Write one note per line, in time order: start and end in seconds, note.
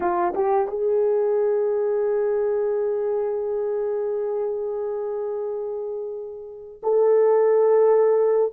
0.00 0.33 F4
0.34 0.67 G4
0.67 6.81 G#4
6.82 8.53 A4